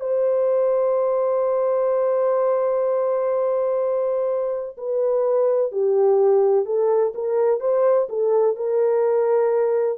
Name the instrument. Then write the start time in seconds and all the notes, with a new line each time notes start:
horn
0.00 C5
4.77 B4
5.71 G4
6.65 A4
7.14 A#4
7.60 C5
8.09 A4
8.55 A#4